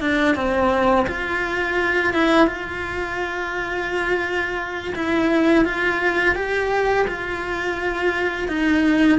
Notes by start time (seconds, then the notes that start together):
0.00 D4
0.35 C4
1.07 F4
2.13 E4
2.47 F4
4.95 E4
5.65 F4
6.35 G4
7.07 F4
8.48 D#4